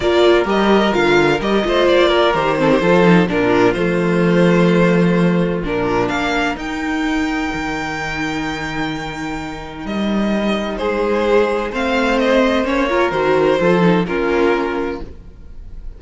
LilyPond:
<<
  \new Staff \with { instrumentName = "violin" } { \time 4/4 \tempo 4 = 128 d''4 dis''4 f''4 dis''4 | d''4 c''2 ais'4 | c''1 | ais'4 f''4 g''2~ |
g''1~ | g''4 dis''2 c''4~ | c''4 f''4 dis''4 cis''4 | c''2 ais'2 | }
  \new Staff \with { instrumentName = "violin" } { \time 4/4 ais'2.~ ais'8 c''8~ | c''8 ais'4 a'16 g'16 a'4 f'4~ | f'1~ | f'4 ais'2.~ |
ais'1~ | ais'2. gis'4~ | gis'4 c''2~ c''8 ais'8~ | ais'4 a'4 f'2 | }
  \new Staff \with { instrumentName = "viola" } { \time 4/4 f'4 g'4 f'4 g'8 f'8~ | f'4 g'8 c'8 f'8 dis'8 d'4 | a1 | d'2 dis'2~ |
dis'1~ | dis'1~ | dis'4 c'2 cis'8 f'8 | fis'4 f'8 dis'8 cis'2 | }
  \new Staff \with { instrumentName = "cello" } { \time 4/4 ais4 g4 d4 g8 a8 | ais4 dis4 f4 ais,4 | f1 | ais,4 ais4 dis'2 |
dis1~ | dis4 g2 gis4~ | gis4 a2 ais4 | dis4 f4 ais2 | }
>>